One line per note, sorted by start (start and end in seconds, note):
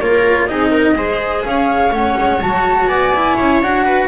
0.00 0.49 A#3
0.00 0.49 F4
0.00 0.49 A#4
0.00 0.47 C#5
0.47 0.96 C4
0.47 0.95 D#4
0.47 0.71 G#4
0.47 1.43 D#5
0.71 0.95 A#4
0.95 1.44 G#3
0.95 1.91 G#4
0.95 1.46 C5
1.45 1.91 C#4
1.45 2.89 C#5
1.45 1.93 F5
1.91 2.15 A3
1.91 2.40 C#4
1.91 2.41 F#5
2.19 2.43 G#3
2.41 2.87 F#3
2.41 3.13 F#4
2.41 2.88 A5
2.87 3.35 B3
2.87 3.36 D5
2.87 3.60 G#5
3.15 3.63 E4
3.36 3.61 C#4
3.36 3.84 C#5
3.61 4.08 D4
3.61 4.08 F#4
3.61 4.08 F#5
3.85 4.08 B4